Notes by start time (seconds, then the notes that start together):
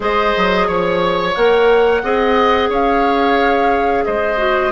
0.00 G#3 G#4 C5 D#5
0.36 F#3
0.67 F3 C#5
1.35 A#3 A#4 F#5
2.03 C4 G#4 D#5
2.69 C#4 C#5 F5
4.05 G#3 C5 D#5
4.37 F#4